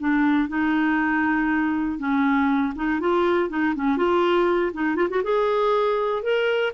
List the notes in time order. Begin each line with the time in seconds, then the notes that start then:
0.00 D4
0.49 D#4
1.99 C#4
2.75 D#4
3.00 F4
3.50 D#4
3.76 C#4
3.97 F4
4.74 D#4
4.96 F4
5.10 F#4
5.24 G#4
6.23 A#4